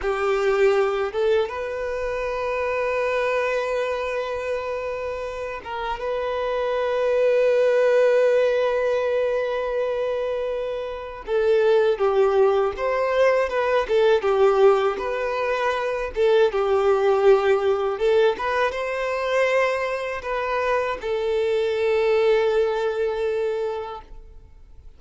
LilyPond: \new Staff \with { instrumentName = "violin" } { \time 4/4 \tempo 4 = 80 g'4. a'8 b'2~ | b'2.~ b'8 ais'8 | b'1~ | b'2. a'4 |
g'4 c''4 b'8 a'8 g'4 | b'4. a'8 g'2 | a'8 b'8 c''2 b'4 | a'1 | }